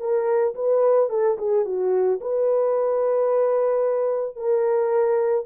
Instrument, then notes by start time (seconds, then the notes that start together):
horn
0.00 A#4
0.55 B4
1.10 A4
1.38 G#4
1.65 F#4
2.21 B4
4.36 A#4